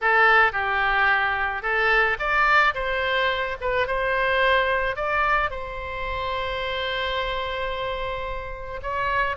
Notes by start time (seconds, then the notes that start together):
0.01 A4
0.52 G4
1.62 A4
2.19 D5
2.74 C5
3.61 B4
3.87 C5
4.95 D5
5.50 C5
8.82 C#5